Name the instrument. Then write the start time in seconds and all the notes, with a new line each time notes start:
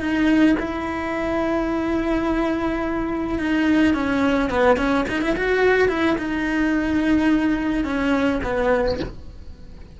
cello
0.00 D#4
0.59 E4
3.39 D#4
3.94 C#4
4.50 B3
4.77 C#4
5.08 D#4
5.21 E4
5.36 F#4
5.88 E4
6.18 D#4
7.84 C#4
8.44 B3